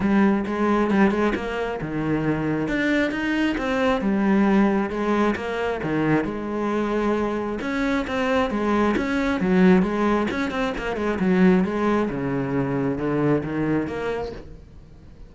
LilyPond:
\new Staff \with { instrumentName = "cello" } { \time 4/4 \tempo 4 = 134 g4 gis4 g8 gis8 ais4 | dis2 d'4 dis'4 | c'4 g2 gis4 | ais4 dis4 gis2~ |
gis4 cis'4 c'4 gis4 | cis'4 fis4 gis4 cis'8 c'8 | ais8 gis8 fis4 gis4 cis4~ | cis4 d4 dis4 ais4 | }